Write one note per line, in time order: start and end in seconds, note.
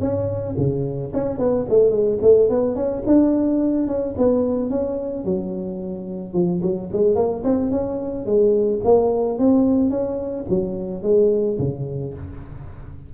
0.00 0.55 C#4
0.57 1.12 C#3
1.13 1.38 C#4
1.38 1.66 B3
1.69 1.90 A3
1.90 2.18 G#3
2.22 2.49 A3
2.49 2.75 B3
2.75 3.03 C#4
3.06 3.87 D4
3.87 4.15 C#4
4.17 4.70 B3
4.70 5.24 C#4
5.24 6.33 F#3
6.33 6.61 F3
6.62 6.89 F#3
6.92 7.15 G#3
7.15 7.43 A#3
7.43 7.71 C4
7.71 8.25 C#4
8.25 8.80 G#3
8.84 9.38 A#3
9.38 9.90 C4
9.90 10.45 C#4
10.49 11.02 F#3
11.02 11.57 G#3
11.58 12.13 C#3